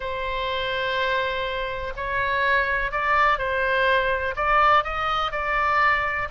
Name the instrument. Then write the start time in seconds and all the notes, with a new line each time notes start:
oboe
0.00 C5
1.96 C#5
2.91 D5
3.38 C5
4.35 D5
4.84 D#5
5.31 D5